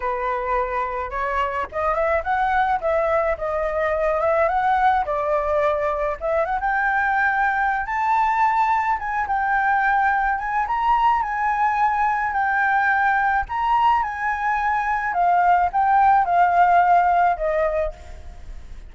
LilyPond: \new Staff \with { instrumentName = "flute" } { \time 4/4 \tempo 4 = 107 b'2 cis''4 dis''8 e''8 | fis''4 e''4 dis''4. e''8 | fis''4 d''2 e''8 fis''16 g''16~ | g''2 a''2 |
gis''8 g''2 gis''8 ais''4 | gis''2 g''2 | ais''4 gis''2 f''4 | g''4 f''2 dis''4 | }